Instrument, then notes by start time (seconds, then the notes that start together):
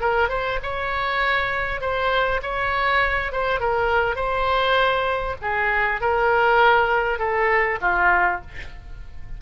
oboe
0.00 A#4
0.28 C5
0.62 C#5
1.81 C5
2.42 C#5
3.32 C5
3.60 A#4
4.15 C5
5.41 G#4
6.00 A#4
7.18 A4
7.81 F4